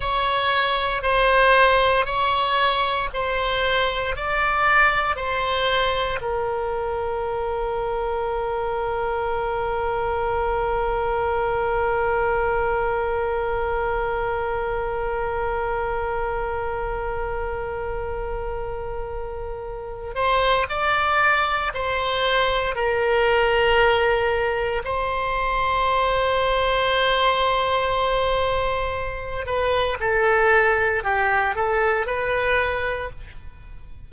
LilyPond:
\new Staff \with { instrumentName = "oboe" } { \time 4/4 \tempo 4 = 58 cis''4 c''4 cis''4 c''4 | d''4 c''4 ais'2~ | ais'1~ | ais'1~ |
ais'2.~ ais'8 c''8 | d''4 c''4 ais'2 | c''1~ | c''8 b'8 a'4 g'8 a'8 b'4 | }